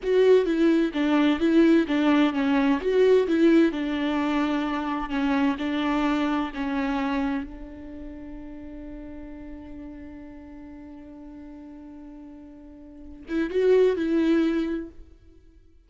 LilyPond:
\new Staff \with { instrumentName = "viola" } { \time 4/4 \tempo 4 = 129 fis'4 e'4 d'4 e'4 | d'4 cis'4 fis'4 e'4 | d'2. cis'4 | d'2 cis'2 |
d'1~ | d'1~ | d'1~ | d'8 e'8 fis'4 e'2 | }